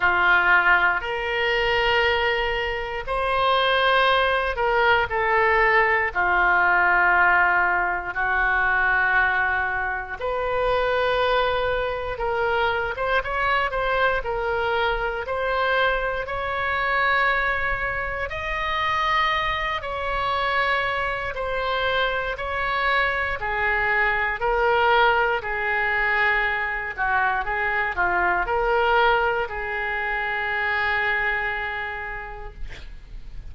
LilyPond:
\new Staff \with { instrumentName = "oboe" } { \time 4/4 \tempo 4 = 59 f'4 ais'2 c''4~ | c''8 ais'8 a'4 f'2 | fis'2 b'2 | ais'8. c''16 cis''8 c''8 ais'4 c''4 |
cis''2 dis''4. cis''8~ | cis''4 c''4 cis''4 gis'4 | ais'4 gis'4. fis'8 gis'8 f'8 | ais'4 gis'2. | }